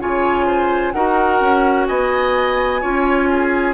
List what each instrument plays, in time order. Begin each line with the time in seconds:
0.00 bassoon C#3, clarinet F4, oboe C#5, flute G#5
0.46 oboe C5
0.93 bassoon D#4, clarinet F#4, oboe A#4, flute F#5
1.41 bassoon C#4
1.87 bassoon B3, oboe D#5, flute G#5
2.81 bassoon C#4, clarinet F4, oboe C#5
3.31 oboe G#4